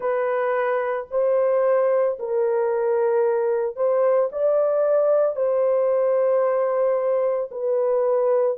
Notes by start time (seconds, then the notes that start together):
0.00 B4
1.10 C5
2.19 A#4
3.75 C5
4.31 D5
5.36 C5
7.51 B4